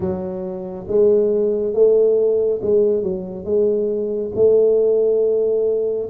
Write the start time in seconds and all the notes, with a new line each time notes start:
0.00 F#3
0.87 G#3
1.73 A3
2.61 G#3
3.02 F#3
3.44 G#3
4.35 A3